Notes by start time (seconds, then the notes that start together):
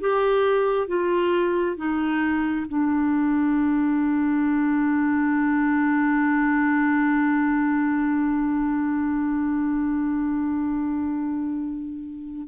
0.00 G4
0.87 F4
1.76 D#4
2.67 D4